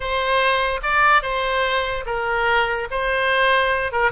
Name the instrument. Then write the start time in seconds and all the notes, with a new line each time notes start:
oboe
0.00 C5
0.82 D5
1.22 C5
2.05 A#4
2.90 C5
3.92 A#4